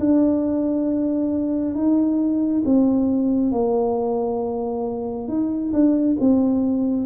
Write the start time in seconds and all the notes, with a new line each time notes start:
0.00 D4
1.75 D#4
2.66 C4
3.52 A#3
5.28 D#4
5.73 D4
6.20 C4